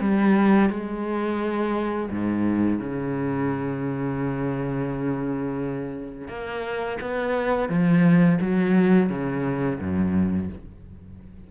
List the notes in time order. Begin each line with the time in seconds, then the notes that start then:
0.00 G3
0.70 G#3
2.10 G#2
2.79 C#3
6.28 A#3
7.01 B3
7.69 F3
8.41 F#3
9.09 C#3
9.80 F#2